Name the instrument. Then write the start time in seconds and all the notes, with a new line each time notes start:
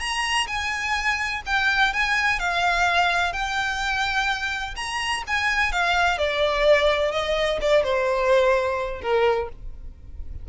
violin
0.00 A#5
0.48 G#5
1.46 G5
1.93 G#5
2.40 F5
3.33 G5
4.76 A#5
5.27 G#5
5.72 F5
6.18 D5
7.12 D#5
7.61 D5
7.84 C5
9.02 A#4